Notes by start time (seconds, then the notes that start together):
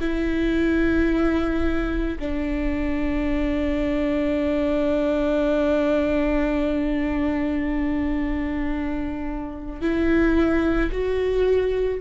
0.00 E4
2.19 D4
9.81 E4
10.91 F#4